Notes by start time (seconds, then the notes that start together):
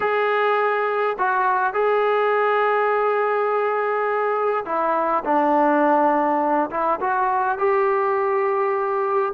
0.00 G#4
1.18 F#4
1.73 G#4
4.65 E4
5.24 D4
6.70 E4
7.00 F#4
7.58 G4